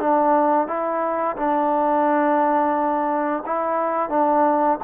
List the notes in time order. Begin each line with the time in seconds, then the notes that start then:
0.00 D4
0.68 E4
1.37 D4
3.46 E4
4.10 D4